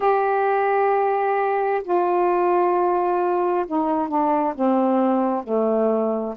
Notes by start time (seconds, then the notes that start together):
0.00 G4
1.83 F4
3.66 D#4
4.08 D4
4.55 C4
5.43 A3